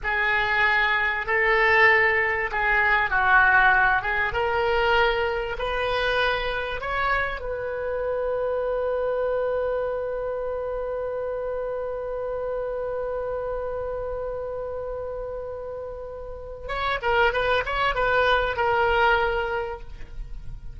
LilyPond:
\new Staff \with { instrumentName = "oboe" } { \time 4/4 \tempo 4 = 97 gis'2 a'2 | gis'4 fis'4. gis'8 ais'4~ | ais'4 b'2 cis''4 | b'1~ |
b'1~ | b'1~ | b'2. cis''8 ais'8 | b'8 cis''8 b'4 ais'2 | }